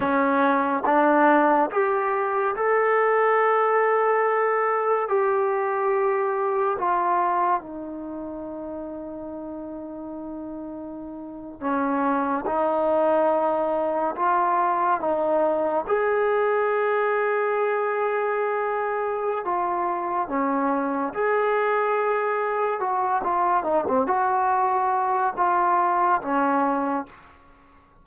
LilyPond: \new Staff \with { instrumentName = "trombone" } { \time 4/4 \tempo 4 = 71 cis'4 d'4 g'4 a'4~ | a'2 g'2 | f'4 dis'2.~ | dis'4.~ dis'16 cis'4 dis'4~ dis'16~ |
dis'8. f'4 dis'4 gis'4~ gis'16~ | gis'2. f'4 | cis'4 gis'2 fis'8 f'8 | dis'16 c'16 fis'4. f'4 cis'4 | }